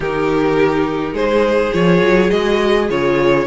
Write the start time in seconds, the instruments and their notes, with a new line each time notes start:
0.00 cello D#3, viola D#4, violin G4 A#4
1.12 cello G#3, violin G#4 C5
1.73 cello F3, viola F4, violin C#5
2.01 cello F#3
2.30 cello G#3, viola F#4, violin D#5
2.89 cello C#3, viola F4, violin C#5